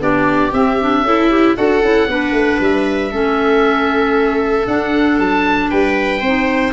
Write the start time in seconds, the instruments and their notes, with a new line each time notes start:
0.00 tuba B3, clarinet D4, viola G4, oboe D5
0.51 clarinet C4, tuba C4, oboe E5
0.81 clarinet D4
1.02 tuba C#4, viola E4, clarinet A4
1.30 clarinet G4
1.55 tuba D4, clarinet F#4, viola A4, oboe F#5
1.82 tuba C#4, clarinet E4
2.08 tuba B3, clarinet D4, viola B4
2.32 tuba A3
2.60 tuba G3, oboe E5
3.11 tuba A3, clarinet C#4, viola A4
4.66 clarinet D4, tuba D4, oboe F#5
5.19 tuba F#3, oboe A5
5.70 tuba G3, viola B4, oboe G5
6.20 tuba C4, viola C5
6.27 clarinet D#4